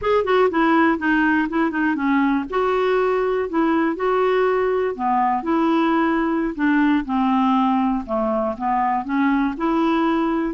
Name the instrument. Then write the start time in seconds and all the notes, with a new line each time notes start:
clarinet
0.01 G#4
0.24 F#4
0.50 E4
0.98 D#4
1.49 E4
1.70 D#4
1.95 C#4
2.50 F#4
3.49 E4
3.96 F#4
4.95 B3
5.43 E4
6.55 D4
7.05 C4
8.06 A3
8.57 B3
9.04 C#4
9.57 E4